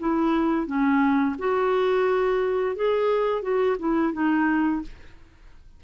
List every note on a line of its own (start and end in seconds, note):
0.00 0.67 E4
0.67 1.36 C#4
1.39 2.76 F#4
2.76 3.43 G#4
3.43 3.77 F#4
3.80 4.13 E4
4.13 4.82 D#4